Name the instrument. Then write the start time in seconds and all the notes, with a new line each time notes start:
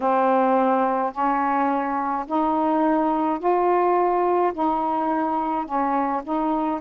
saxophone
0.00 C4
1.12 C#4
2.26 D#4
3.39 F4
4.53 D#4
5.65 C#4
6.23 D#4